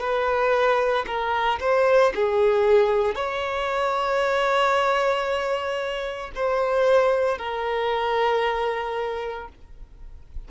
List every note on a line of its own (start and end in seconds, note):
0.00 1.05 B4
1.07 1.59 A#4
1.60 2.12 C5
2.15 3.15 G#4
3.15 6.31 C#5
6.35 7.38 C5
7.38 9.48 A#4